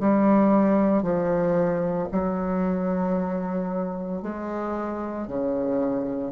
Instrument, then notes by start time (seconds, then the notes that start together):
bassoon
0.00 G3
1.03 F3
2.12 F#3
4.23 G#3
5.28 C#3